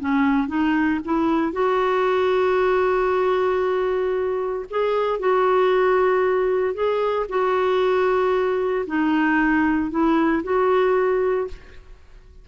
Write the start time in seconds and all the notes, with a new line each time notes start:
0.00 C#4
0.48 D#4
1.05 E4
1.53 F#4
4.70 G#4
5.20 F#4
6.74 G#4
7.29 F#4
8.87 D#4
9.91 E4
10.43 F#4